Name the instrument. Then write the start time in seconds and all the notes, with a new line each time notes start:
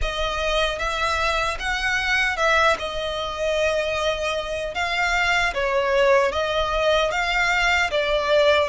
violin
0.01 D#5
0.78 E5
1.59 F#5
2.36 E5
2.78 D#5
4.74 F5
5.54 C#5
6.32 D#5
7.11 F5
7.91 D5